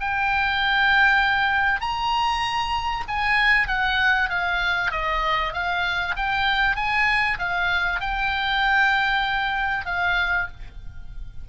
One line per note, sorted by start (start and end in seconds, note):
0.00 1.81 G5
1.81 3.04 A#5
3.08 3.68 G#5
3.68 4.30 F#5
4.30 4.91 F5
4.91 5.53 D#5
5.53 6.15 F5
6.17 6.76 G5
6.76 7.38 G#5
7.39 8.00 F5
8.00 9.86 G5
9.86 10.48 F5